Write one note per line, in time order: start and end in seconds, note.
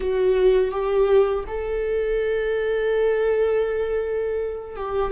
0.00 0.71 F#4
0.71 1.44 G4
1.47 4.76 A4
4.76 5.11 G4